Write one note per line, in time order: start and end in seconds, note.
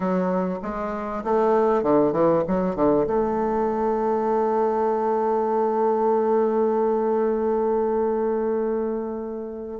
0.00 0.59 F#3
0.62 1.23 G#3
1.24 1.83 A3
1.83 2.12 D3
2.12 2.43 E3
2.47 2.75 F#3
2.75 3.06 D3
3.06 9.80 A3